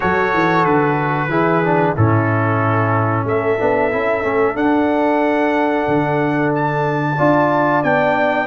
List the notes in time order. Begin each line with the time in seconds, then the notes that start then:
0.00 F#3 F#4 A4 C#5
0.33 E3
0.64 D3 B4
1.28 E3 E4 G#4
1.64 D4
1.95 A2 C#4 E4 A4
3.24 A3 A4 E5
3.58 B3 D4
3.90 C#4 E4
4.22 A3 C#4
4.54 D4 F#5
5.87 D3
6.54 A5
7.16 D4 F4 D5
7.83 B3 D4 G5